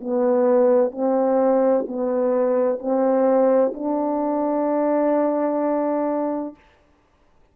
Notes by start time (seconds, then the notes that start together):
0.00 B3
0.91 C4
1.87 B3
2.78 C4
3.74 D4